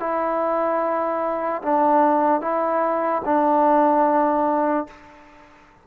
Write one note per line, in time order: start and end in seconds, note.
0.00 1.62 E4
1.63 2.41 D4
2.41 3.22 E4
3.25 4.88 D4